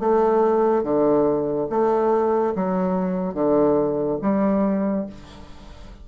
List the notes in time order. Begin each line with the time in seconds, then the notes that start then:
0.00 A3
0.83 D3
1.70 A3
2.55 F#3
3.34 D3
4.22 G3